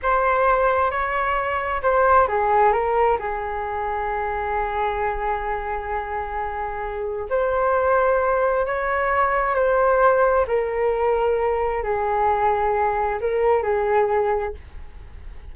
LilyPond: \new Staff \with { instrumentName = "flute" } { \time 4/4 \tempo 4 = 132 c''2 cis''2 | c''4 gis'4 ais'4 gis'4~ | gis'1~ | gis'1 |
c''2. cis''4~ | cis''4 c''2 ais'4~ | ais'2 gis'2~ | gis'4 ais'4 gis'2 | }